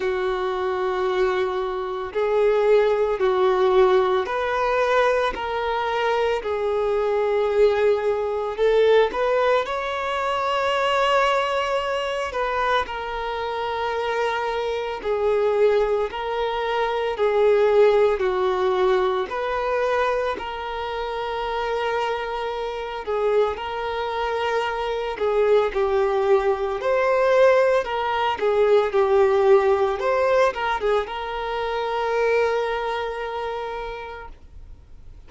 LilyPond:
\new Staff \with { instrumentName = "violin" } { \time 4/4 \tempo 4 = 56 fis'2 gis'4 fis'4 | b'4 ais'4 gis'2 | a'8 b'8 cis''2~ cis''8 b'8 | ais'2 gis'4 ais'4 |
gis'4 fis'4 b'4 ais'4~ | ais'4. gis'8 ais'4. gis'8 | g'4 c''4 ais'8 gis'8 g'4 | c''8 ais'16 gis'16 ais'2. | }